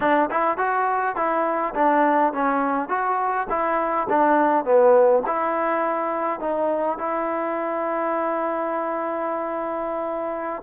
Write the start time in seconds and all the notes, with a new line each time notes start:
0.00 D4
0.30 E4
0.57 F#4
1.15 E4
1.74 D4
2.33 C#4
2.88 F#4
3.49 E4
4.09 D4
4.64 B3
5.26 E4
6.39 D#4
6.98 E4